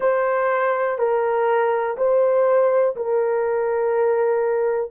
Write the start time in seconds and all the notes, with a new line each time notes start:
0.00 C5
0.98 A#4
1.97 C5
2.96 A#4